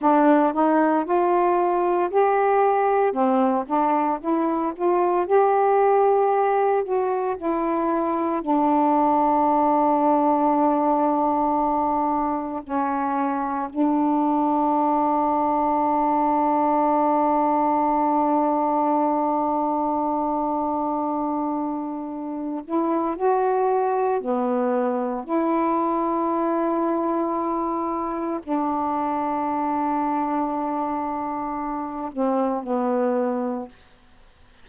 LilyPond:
\new Staff \with { instrumentName = "saxophone" } { \time 4/4 \tempo 4 = 57 d'8 dis'8 f'4 g'4 c'8 d'8 | e'8 f'8 g'4. fis'8 e'4 | d'1 | cis'4 d'2.~ |
d'1~ | d'4. e'8 fis'4 b4 | e'2. d'4~ | d'2~ d'8 c'8 b4 | }